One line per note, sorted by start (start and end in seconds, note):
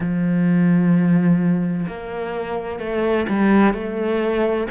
0.00 1.86 F3
1.87 2.79 A#3
2.79 3.26 A3
3.29 3.73 G3
3.73 4.67 A3